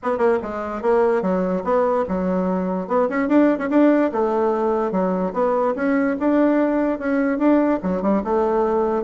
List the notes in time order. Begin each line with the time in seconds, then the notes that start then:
0.03 B3
0.18 A#3
0.42 G#3
0.81 A#3
1.21 F#3
1.63 B3
2.08 F#3
2.87 B3
3.09 C#4
3.28 D4
3.58 C#4
3.70 D4
4.12 A3
4.91 F#3
5.33 B3
5.75 C#4
6.19 D4
6.99 C#4
7.38 D4
7.83 F#3
8.02 G3
8.24 A3